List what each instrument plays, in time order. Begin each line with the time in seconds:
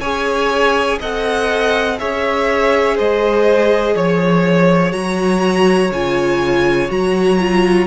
0.00 cello C#4, viola G#4, violin C#5 G#5
1.00 cello C4, viola A4, violin D#5 F#5
1.98 cello C#4, viola G#4, violin C#5 E5
2.96 cello G#3, violin C5 D#5
3.95 cello F3, violin C#5
4.91 cello F#3, viola F#4, violin A#5
5.91 cello C#3, viola F4, violin G#5
6.88 cello F#3, viola F#4, violin A#5
7.40 viola F4